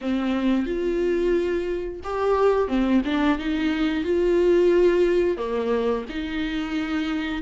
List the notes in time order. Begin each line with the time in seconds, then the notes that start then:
0.01 C4
0.66 F4
2.03 G4
2.68 C4
3.04 D4
3.38 D#4
4.04 F4
5.37 A#3
6.09 D#4